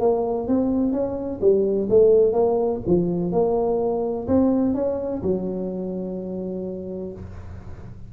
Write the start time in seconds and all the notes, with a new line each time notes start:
0.00 A#3
0.48 C4
0.92 C#4
1.41 G3
1.90 A3
2.33 A#3
2.87 F3
3.32 A#3
4.28 C4
4.75 C#4
5.23 F#3